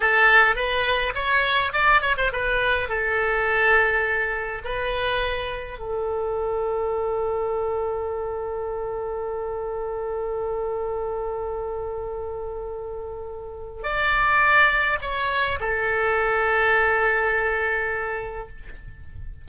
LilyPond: \new Staff \with { instrumentName = "oboe" } { \time 4/4 \tempo 4 = 104 a'4 b'4 cis''4 d''8 cis''16 c''16 | b'4 a'2. | b'2 a'2~ | a'1~ |
a'1~ | a'1 | d''2 cis''4 a'4~ | a'1 | }